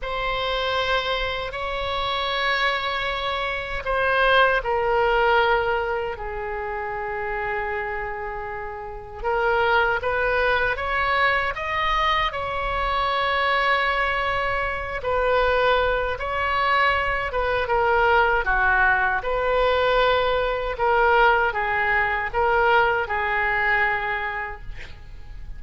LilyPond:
\new Staff \with { instrumentName = "oboe" } { \time 4/4 \tempo 4 = 78 c''2 cis''2~ | cis''4 c''4 ais'2 | gis'1 | ais'4 b'4 cis''4 dis''4 |
cis''2.~ cis''8 b'8~ | b'4 cis''4. b'8 ais'4 | fis'4 b'2 ais'4 | gis'4 ais'4 gis'2 | }